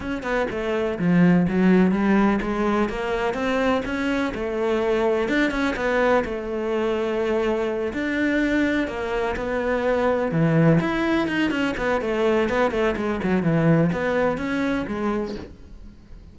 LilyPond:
\new Staff \with { instrumentName = "cello" } { \time 4/4 \tempo 4 = 125 cis'8 b8 a4 f4 fis4 | g4 gis4 ais4 c'4 | cis'4 a2 d'8 cis'8 | b4 a2.~ |
a8 d'2 ais4 b8~ | b4. e4 e'4 dis'8 | cis'8 b8 a4 b8 a8 gis8 fis8 | e4 b4 cis'4 gis4 | }